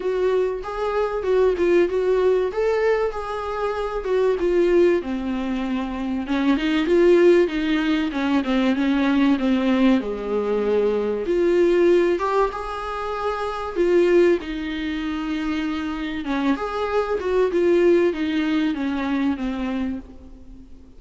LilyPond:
\new Staff \with { instrumentName = "viola" } { \time 4/4 \tempo 4 = 96 fis'4 gis'4 fis'8 f'8 fis'4 | a'4 gis'4. fis'8 f'4 | c'2 cis'8 dis'8 f'4 | dis'4 cis'8 c'8 cis'4 c'4 |
gis2 f'4. g'8 | gis'2 f'4 dis'4~ | dis'2 cis'8 gis'4 fis'8 | f'4 dis'4 cis'4 c'4 | }